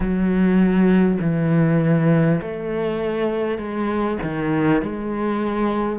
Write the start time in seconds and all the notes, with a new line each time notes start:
0.00 F#3
1.20 E3
2.41 A3
3.57 G#3
4.22 D#3
4.82 G#3